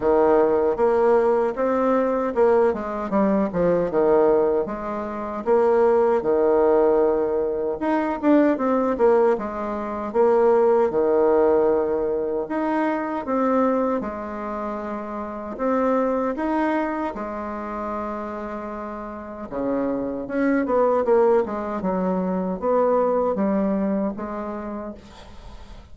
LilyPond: \new Staff \with { instrumentName = "bassoon" } { \time 4/4 \tempo 4 = 77 dis4 ais4 c'4 ais8 gis8 | g8 f8 dis4 gis4 ais4 | dis2 dis'8 d'8 c'8 ais8 | gis4 ais4 dis2 |
dis'4 c'4 gis2 | c'4 dis'4 gis2~ | gis4 cis4 cis'8 b8 ais8 gis8 | fis4 b4 g4 gis4 | }